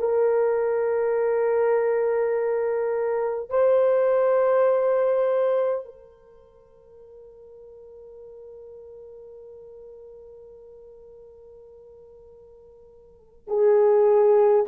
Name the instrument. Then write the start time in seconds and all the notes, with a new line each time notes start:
horn
0.00 A#4
3.50 C5
5.85 A#4
13.48 G#4